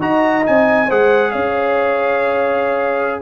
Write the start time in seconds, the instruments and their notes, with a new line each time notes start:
0.00 tuba D#4, trombone F#4, horn D#5, trumpet A#5
0.43 trombone D#4, trumpet G#5
0.49 tuba C4
0.86 tuba G#3, trombone G#4, horn C5, trumpet F#5
1.31 tuba C#4, horn C#5, trumpet F5